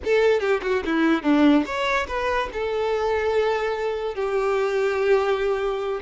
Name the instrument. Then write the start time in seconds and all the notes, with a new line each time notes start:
violin
0.04 A4
0.39 G4
0.62 F#4
0.85 E4
1.22 D4
1.65 C#5
2.07 B4
2.52 A4
4.14 G4